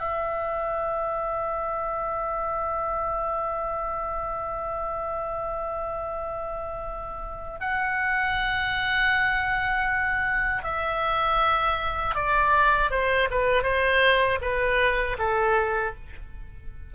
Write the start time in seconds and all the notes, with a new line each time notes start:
0.00 E5
7.61 F#5
10.64 E5
12.16 D5
12.91 C5
13.31 B4
13.64 C5
14.42 B4
15.19 A4